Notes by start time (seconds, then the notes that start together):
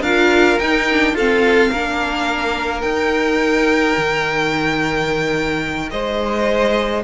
0.00 D4 F4 A#4 F5
0.59 D#4 G5
0.91 D4
1.13 C4 F4 A4 F5
1.70 A#3 D4 A#4
2.81 D#4 G5
3.97 D#3
5.90 G#3 C5 D#5